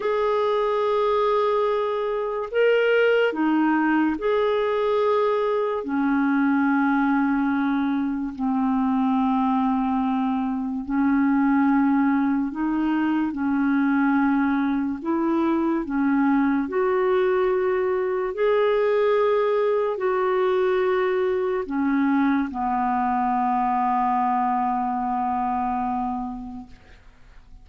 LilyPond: \new Staff \with { instrumentName = "clarinet" } { \time 4/4 \tempo 4 = 72 gis'2. ais'4 | dis'4 gis'2 cis'4~ | cis'2 c'2~ | c'4 cis'2 dis'4 |
cis'2 e'4 cis'4 | fis'2 gis'2 | fis'2 cis'4 b4~ | b1 | }